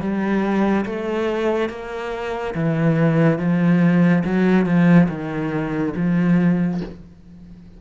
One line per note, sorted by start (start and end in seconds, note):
0.00 0.85 G3
0.85 1.69 A3
1.69 2.54 A#3
2.54 3.38 E3
3.38 4.23 F3
4.24 4.65 F#3
4.65 5.07 F3
5.09 5.93 D#3
5.96 6.80 F3